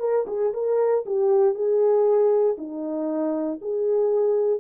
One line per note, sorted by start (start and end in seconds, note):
0.00 0.26 A#4
0.27 0.53 G#4
0.54 1.04 A#4
1.06 1.55 G4
1.55 2.57 G#4
2.58 3.60 D#4
3.61 4.60 G#4